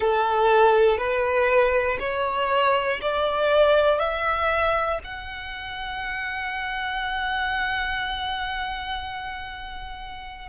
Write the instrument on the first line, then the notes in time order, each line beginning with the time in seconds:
violin
0.00 A4
0.97 B4
2.00 C#5
3.01 D5
3.99 E5
5.04 F#5